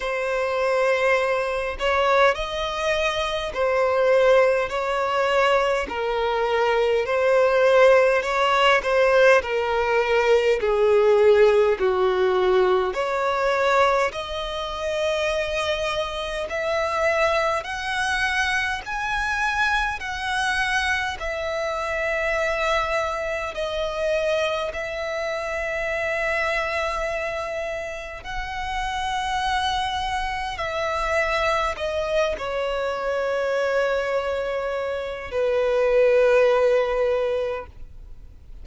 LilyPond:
\new Staff \with { instrumentName = "violin" } { \time 4/4 \tempo 4 = 51 c''4. cis''8 dis''4 c''4 | cis''4 ais'4 c''4 cis''8 c''8 | ais'4 gis'4 fis'4 cis''4 | dis''2 e''4 fis''4 |
gis''4 fis''4 e''2 | dis''4 e''2. | fis''2 e''4 dis''8 cis''8~ | cis''2 b'2 | }